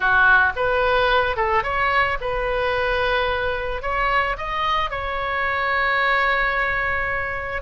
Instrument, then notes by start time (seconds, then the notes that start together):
oboe
0.00 F#4
0.56 B4
1.36 A4
1.63 C#5
2.20 B4
3.82 C#5
4.37 D#5
4.90 C#5